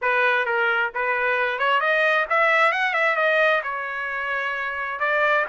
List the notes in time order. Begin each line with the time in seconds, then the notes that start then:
0.01 B4
0.45 A#4
0.94 B4
1.58 C#5
1.80 D#5
2.29 E5
2.72 F#5
2.93 E5
3.16 D#5
3.63 C#5
4.99 D5